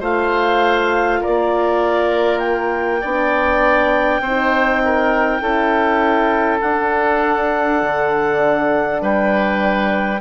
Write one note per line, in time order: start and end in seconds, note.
0.00 1.21 A3
0.00 3.01 F4
0.00 1.20 C5
0.00 1.23 F5
1.21 3.04 A#3
1.21 3.00 A#4
1.21 2.39 D5
2.39 6.59 G5
3.00 4.20 B3
3.00 4.24 D4
3.00 4.21 D5
4.20 5.40 C4
4.20 4.82 C5
4.26 5.41 D#4
4.85 5.42 A#4
5.41 6.61 C#4
5.41 6.61 E4
5.41 9.02 A4
6.61 10.21 D4
6.61 7.82 D4
6.61 9.01 F#5
7.82 9.01 D3
9.01 10.21 G3
9.01 10.21 B4
9.01 10.21 G5